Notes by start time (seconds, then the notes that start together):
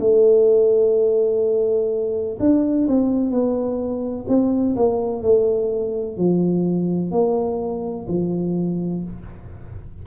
0.00 A3
2.40 D4
2.88 C4
3.31 B3
4.28 C4
4.76 A#3
5.23 A3
6.18 F3
7.11 A#3
8.09 F3